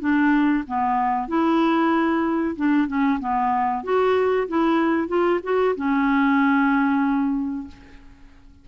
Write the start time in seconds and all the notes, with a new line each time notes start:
0.00 D4
0.67 B3
1.28 E4
2.56 D4
2.87 C#4
3.20 B3
3.84 F#4
4.48 E4
5.08 F4
5.43 F#4
5.76 C#4